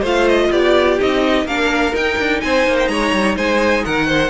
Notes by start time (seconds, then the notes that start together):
0.00 A3 F4 C5 F5
0.28 D#5
0.50 B3 G4 D5
0.99 C4 D#4 D#5
1.45 A#3 D4 A#4 F5
1.92 D#4 G5
2.18 D4
2.40 C4 C5 G#5
2.67 A#3
2.79 G5
2.87 G#3 C#5 A#5
3.12 G3
3.36 G#3 C5 G#5
3.85 D#3 A#4 F#5
4.07 C5